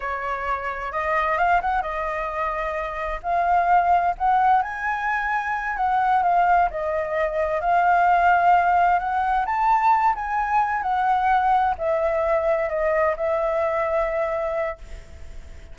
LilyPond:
\new Staff \with { instrumentName = "flute" } { \time 4/4 \tempo 4 = 130 cis''2 dis''4 f''8 fis''8 | dis''2. f''4~ | f''4 fis''4 gis''2~ | gis''8 fis''4 f''4 dis''4.~ |
dis''8 f''2. fis''8~ | fis''8 a''4. gis''4. fis''8~ | fis''4. e''2 dis''8~ | dis''8 e''2.~ e''8 | }